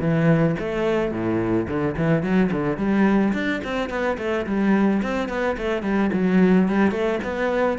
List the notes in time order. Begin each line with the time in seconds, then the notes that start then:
0.00 E3
0.59 A3
1.11 A2
1.68 D3
1.97 E3
2.22 F#3
2.51 D3
2.77 G3
3.33 D4
3.64 C4
3.90 B3
4.18 A3
4.46 G3
5.02 C4
5.29 B3
5.58 A3
5.82 G3
6.13 F#3
6.68 G3
6.91 A3
7.23 B3